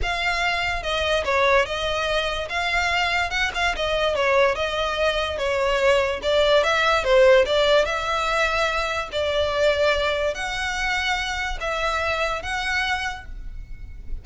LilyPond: \new Staff \with { instrumentName = "violin" } { \time 4/4 \tempo 4 = 145 f''2 dis''4 cis''4 | dis''2 f''2 | fis''8 f''8 dis''4 cis''4 dis''4~ | dis''4 cis''2 d''4 |
e''4 c''4 d''4 e''4~ | e''2 d''2~ | d''4 fis''2. | e''2 fis''2 | }